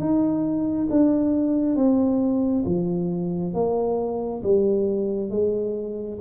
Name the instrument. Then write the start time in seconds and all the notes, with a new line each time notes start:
tuba
0.00 D#4
0.91 D4
1.76 C4
2.66 F3
3.54 A#3
4.44 G3
5.31 G#3